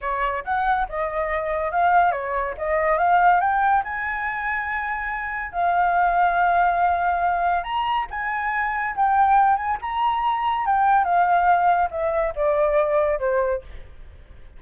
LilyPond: \new Staff \with { instrumentName = "flute" } { \time 4/4 \tempo 4 = 141 cis''4 fis''4 dis''2 | f''4 cis''4 dis''4 f''4 | g''4 gis''2.~ | gis''4 f''2.~ |
f''2 ais''4 gis''4~ | gis''4 g''4. gis''8 ais''4~ | ais''4 g''4 f''2 | e''4 d''2 c''4 | }